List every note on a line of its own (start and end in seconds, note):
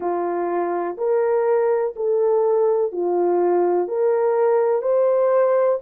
0.00 0.97 F4
0.97 1.94 A#4
1.96 2.92 A4
2.92 3.88 F4
3.88 4.82 A#4
4.82 5.78 C5